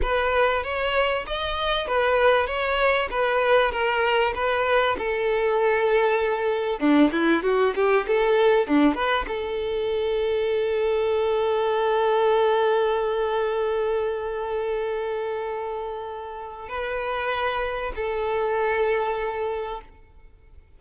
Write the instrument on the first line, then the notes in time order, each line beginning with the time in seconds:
violin
0.01 B4
0.63 C#5
1.27 D#5
1.87 B4
2.47 C#5
3.10 B4
3.71 A#4
4.34 B4
4.98 A4
6.79 D4
7.11 E4
7.43 F#4
7.75 G4
8.07 A4
8.67 D4
8.94 B4
9.27 A4
16.68 B4
17.95 A4